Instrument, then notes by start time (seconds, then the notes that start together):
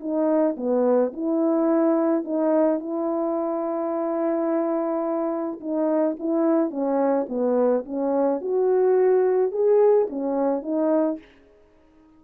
horn
0.00 D#4
0.57 B3
1.13 E4
2.24 D#4
2.79 E4
5.60 D#4
6.19 E4
6.70 C#4
7.29 B3
7.85 C#4
8.41 F#4
9.51 G#4
10.10 C#4
10.62 D#4